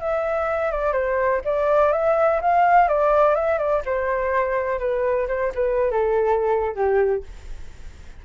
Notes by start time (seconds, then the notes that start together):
0.00 E5
0.72 D5
0.93 C5
1.45 D5
1.92 E5
2.41 F5
2.88 D5
3.35 E5
3.58 D5
3.85 C5
4.79 B4
5.28 C5
5.54 B4
5.91 A4
6.75 G4